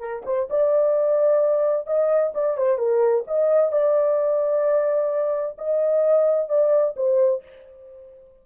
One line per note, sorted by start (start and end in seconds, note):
0.00 0.23 A#4
0.26 0.49 C5
0.50 1.87 D5
1.87 2.33 D#5
2.35 2.58 D5
2.58 2.78 C5
2.78 3.24 A#4
3.27 3.72 D#5
3.72 5.57 D5
5.58 6.49 D#5
6.49 6.95 D5
6.97 7.43 C5